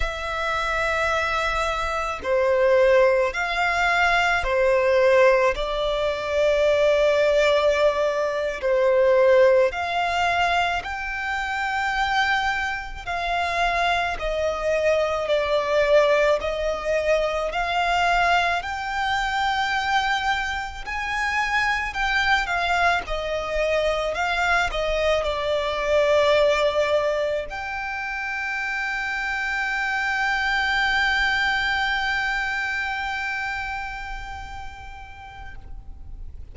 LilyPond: \new Staff \with { instrumentName = "violin" } { \time 4/4 \tempo 4 = 54 e''2 c''4 f''4 | c''4 d''2~ d''8. c''16~ | c''8. f''4 g''2 f''16~ | f''8. dis''4 d''4 dis''4 f''16~ |
f''8. g''2 gis''4 g''16~ | g''16 f''8 dis''4 f''8 dis''8 d''4~ d''16~ | d''8. g''2.~ g''16~ | g''1 | }